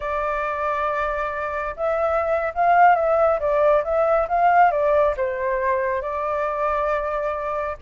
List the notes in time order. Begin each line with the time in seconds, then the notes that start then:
0.00 D5
1.76 E5
2.54 F5
2.95 E5
3.39 D5
3.84 E5
4.28 F5
4.71 D5
5.16 C5
6.01 D5